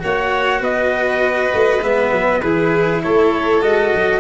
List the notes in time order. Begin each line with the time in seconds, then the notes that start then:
0.00 A#3 F#4 C#5 F#5
0.61 B3 B4 D#5
1.54 A3
1.81 G#3 B3 E5
2.12 F#3
2.41 E3 E4 G#4 B4
3.03 A3 A4 C#5
3.62 G#3 F#4 D#5
3.95 F#3